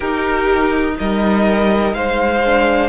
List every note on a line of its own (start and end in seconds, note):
0.00 0.97 D#4
0.00 2.43 D#4
0.00 0.93 G4
0.00 0.96 A#4
0.98 1.93 G3
0.98 1.95 A#4
0.98 1.94 D#5
1.93 2.89 G#3
1.93 2.89 C5
1.93 2.89 F5
2.45 2.89 D4